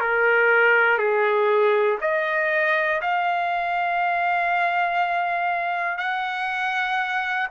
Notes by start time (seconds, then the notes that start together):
0.00 A#4
0.98 G#4
2.00 D#5
3.01 F5
5.98 F#5